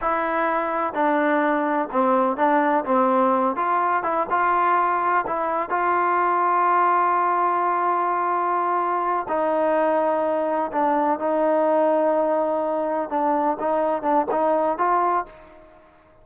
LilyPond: \new Staff \with { instrumentName = "trombone" } { \time 4/4 \tempo 4 = 126 e'2 d'2 | c'4 d'4 c'4. f'8~ | f'8 e'8 f'2 e'4 | f'1~ |
f'2.~ f'8 dis'8~ | dis'2~ dis'8 d'4 dis'8~ | dis'2.~ dis'8 d'8~ | d'8 dis'4 d'8 dis'4 f'4 | }